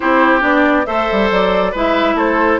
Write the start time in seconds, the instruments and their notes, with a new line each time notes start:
0.00 bassoon C4, clarinet E4, oboe G4, flute C5
0.40 bassoon B3, clarinet D4, flute D5
0.86 bassoon A3, clarinet A4, oboe C5, flute E5
1.11 bassoon G3
1.31 bassoon F#3, flute D5
1.71 bassoon G#3, clarinet E4, oboe B4, flute E5
2.14 bassoon A3, oboe A4, flute C5